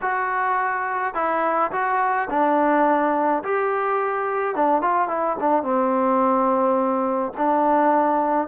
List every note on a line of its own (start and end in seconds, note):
0.01 1.14 F#4
1.14 1.71 E4
1.71 2.28 F#4
2.30 3.43 D4
3.43 4.55 G4
4.55 4.81 D4
4.81 5.08 F4
5.08 5.36 E4
5.40 5.62 D4
5.62 7.32 C4
7.37 8.47 D4